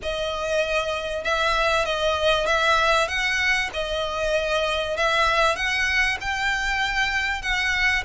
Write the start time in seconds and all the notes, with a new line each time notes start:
0.02 D#5
1.24 E5
1.85 D#5
2.46 E5
3.08 F#5
3.73 D#5
4.97 E5
5.56 F#5
6.20 G5
7.41 F#5